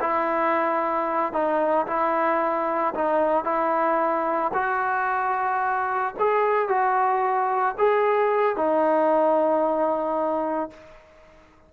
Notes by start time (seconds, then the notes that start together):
0.00 E4
1.33 D#4
1.87 E4
2.94 D#4
3.44 E4
4.53 F#4
6.19 G#4
6.68 F#4
7.78 G#4
8.56 D#4